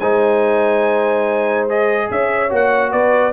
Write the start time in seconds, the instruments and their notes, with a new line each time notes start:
0.00 tuba G#3, trombone D#4, horn C5, trumpet G#5
1.69 trombone G#4, trumpet D#5
2.11 tuba C#4, horn C#5, trumpet E5
2.49 tuba A#3, trombone F#4, trumpet F#5
2.92 tuba B3, horn B4, trumpet D5